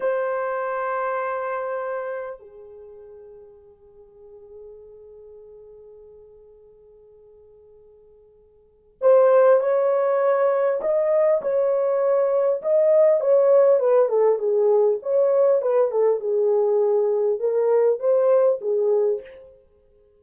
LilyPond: \new Staff \with { instrumentName = "horn" } { \time 4/4 \tempo 4 = 100 c''1 | gis'1~ | gis'1~ | gis'2. c''4 |
cis''2 dis''4 cis''4~ | cis''4 dis''4 cis''4 b'8 a'8 | gis'4 cis''4 b'8 a'8 gis'4~ | gis'4 ais'4 c''4 gis'4 | }